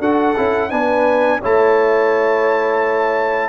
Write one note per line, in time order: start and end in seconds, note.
0.00 0.35 D4
0.00 0.36 F#4
0.00 0.70 A4
0.00 0.70 F#5
0.37 0.71 C#4
0.37 0.70 E4
0.70 1.41 B3
0.70 1.40 D4
0.70 1.41 B4
0.70 1.40 G#5
1.41 3.49 A3
1.41 3.49 E4
1.41 3.49 C#5
1.41 3.49 A5